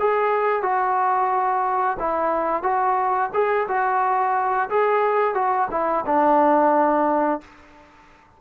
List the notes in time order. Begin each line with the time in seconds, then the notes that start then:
0.00 G#4
0.63 F#4
1.99 E4
2.63 F#4
3.34 G#4
3.68 F#4
4.70 G#4
5.35 F#4
5.71 E4
6.06 D4